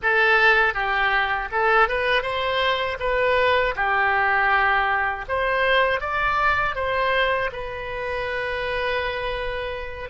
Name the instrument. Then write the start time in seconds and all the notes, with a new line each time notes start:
oboe
0.02 A4
0.74 G4
1.51 A4
1.88 B4
2.22 C5
2.99 B4
3.75 G4
5.28 C5
6.00 D5
6.75 C5
7.52 B4